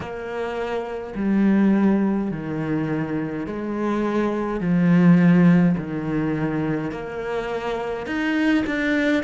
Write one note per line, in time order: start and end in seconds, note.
0.00 1.13 A#3
1.15 2.30 G3
2.31 3.46 D#3
3.46 4.60 G#3
4.60 5.75 F3
5.77 6.91 D#3
6.91 8.06 A#3
8.06 8.64 D#4
8.66 9.23 D4